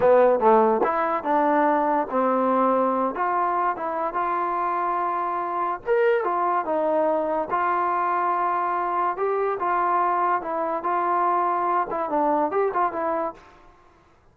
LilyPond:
\new Staff \with { instrumentName = "trombone" } { \time 4/4 \tempo 4 = 144 b4 a4 e'4 d'4~ | d'4 c'2~ c'8 f'8~ | f'4 e'4 f'2~ | f'2 ais'4 f'4 |
dis'2 f'2~ | f'2 g'4 f'4~ | f'4 e'4 f'2~ | f'8 e'8 d'4 g'8 f'8 e'4 | }